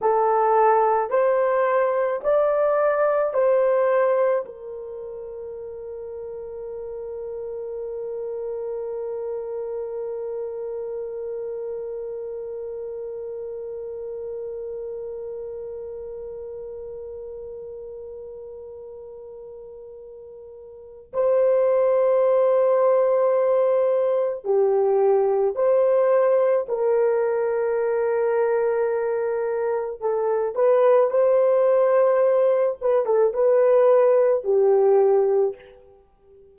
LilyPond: \new Staff \with { instrumentName = "horn" } { \time 4/4 \tempo 4 = 54 a'4 c''4 d''4 c''4 | ais'1~ | ais'1~ | ais'1~ |
ais'2. c''4~ | c''2 g'4 c''4 | ais'2. a'8 b'8 | c''4. b'16 a'16 b'4 g'4 | }